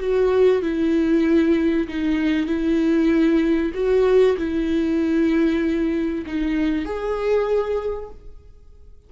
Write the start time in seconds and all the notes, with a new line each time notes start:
0.00 F#4
0.62 E4
1.88 D#4
2.47 E4
3.74 F#4
4.38 E4
6.27 D#4
6.85 G#4